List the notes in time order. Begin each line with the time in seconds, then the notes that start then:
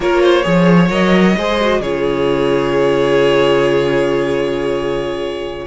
0.00 A#3 F4 A#4 C#5
0.22 C5
0.43 F3 G#4 C#5
0.90 F#3 A#4 D#5
1.37 G#3 G#4 C5
1.60 F#4
1.79 C#3 F4 G#4 C#5